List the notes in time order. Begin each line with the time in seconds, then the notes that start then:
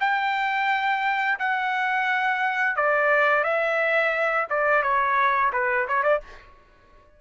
0.00 G5
1.39 F#5
2.76 D5
3.44 E5
4.50 D5
4.82 C#5
5.52 B4
5.87 C#5
6.03 D5